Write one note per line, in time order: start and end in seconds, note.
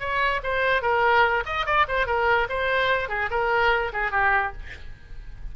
0.00 0.41 C#5
0.43 0.82 C5
0.82 1.43 A#4
1.46 1.66 D#5
1.66 1.86 D5
1.88 2.06 C5
2.06 2.48 A#4
2.49 3.09 C5
3.09 3.30 G#4
3.30 3.92 A#4
3.93 4.11 G#4
4.11 4.52 G4